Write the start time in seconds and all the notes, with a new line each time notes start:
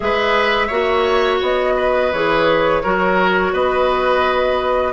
0.00 G#3 G#4 B4 E5
0.67 A#3 F#4 C#5
1.41 B3 D#5
1.76 B4
2.12 E3 G#4 C#5
2.82 F#3 F#4 A#4
3.52 B3 B4 D#5